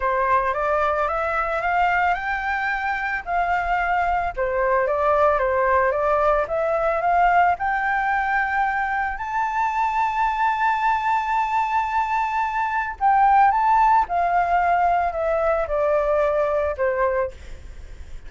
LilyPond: \new Staff \with { instrumentName = "flute" } { \time 4/4 \tempo 4 = 111 c''4 d''4 e''4 f''4 | g''2 f''2 | c''4 d''4 c''4 d''4 | e''4 f''4 g''2~ |
g''4 a''2.~ | a''1 | g''4 a''4 f''2 | e''4 d''2 c''4 | }